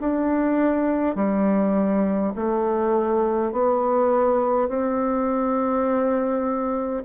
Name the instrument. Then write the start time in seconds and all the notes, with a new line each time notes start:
bassoon
0.00 D4
1.15 G3
2.35 A3
3.52 B3
4.68 C4